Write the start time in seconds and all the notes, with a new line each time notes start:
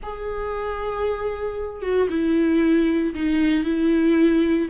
0.02 G#4
1.81 F#4
2.09 E4
3.14 D#4
3.64 E4